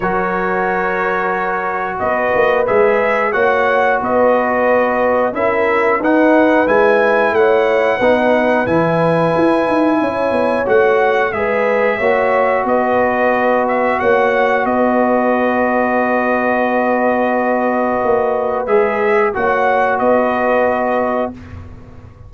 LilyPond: <<
  \new Staff \with { instrumentName = "trumpet" } { \time 4/4 \tempo 4 = 90 cis''2. dis''4 | e''4 fis''4 dis''2 | e''4 fis''4 gis''4 fis''4~ | fis''4 gis''2. |
fis''4 e''2 dis''4~ | dis''8 e''8 fis''4 dis''2~ | dis''1 | e''4 fis''4 dis''2 | }
  \new Staff \with { instrumentName = "horn" } { \time 4/4 ais'2. b'4~ | b'4 cis''4 b'2 | ais'4 b'2 cis''4 | b'2. cis''4~ |
cis''4 b'4 cis''4 b'4~ | b'4 cis''4 b'2~ | b'1~ | b'4 cis''4 b'2 | }
  \new Staff \with { instrumentName = "trombone" } { \time 4/4 fis'1 | gis'4 fis'2. | e'4 dis'4 e'2 | dis'4 e'2. |
fis'4 gis'4 fis'2~ | fis'1~ | fis'1 | gis'4 fis'2. | }
  \new Staff \with { instrumentName = "tuba" } { \time 4/4 fis2. b8 ais8 | gis4 ais4 b2 | cis'4 dis'4 gis4 a4 | b4 e4 e'8 dis'8 cis'8 b8 |
a4 gis4 ais4 b4~ | b4 ais4 b2~ | b2. ais4 | gis4 ais4 b2 | }
>>